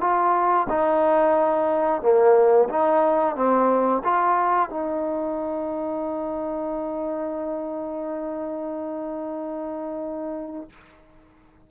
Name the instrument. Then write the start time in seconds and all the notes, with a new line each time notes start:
trombone
0.00 F4
0.69 D#4
2.02 A#3
2.69 D#4
3.35 C4
4.04 F4
4.69 D#4